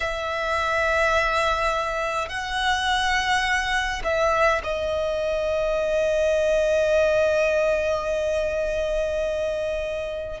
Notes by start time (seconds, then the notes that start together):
0.00 E5
2.28 F#5
4.04 E5
4.63 D#5